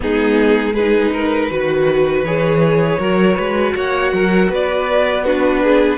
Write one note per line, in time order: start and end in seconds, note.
0.00 1.50 G#3
0.00 0.75 B3
0.00 0.73 D#4
0.00 0.73 G#4
0.73 1.50 D#4
0.73 1.10 G#4
0.73 2.23 B4
1.12 1.50 A#4
1.50 2.23 D#3
1.50 2.25 F#4
1.50 2.98 B4
2.23 2.98 E3
2.23 2.98 G#4
2.23 3.75 C#5
2.98 3.37 F#3
2.98 5.23 F#4
2.98 3.36 A#4
3.36 3.74 G#3
3.36 3.73 B4
3.75 4.12 A#3
3.75 4.13 C#5
3.75 4.51 F#5
4.12 4.49 F#3
4.12 4.50 A#4
4.49 5.98 B3
4.49 5.24 B4
4.49 5.25 D5
5.24 5.98 D4
5.24 5.62 F#4
5.24 5.98 B4
5.62 5.98 G#4